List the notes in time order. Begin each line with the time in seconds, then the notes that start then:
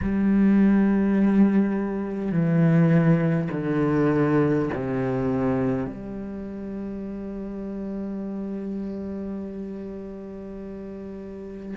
0.02 G3
2.31 E3
3.51 D3
4.74 C3
5.86 G3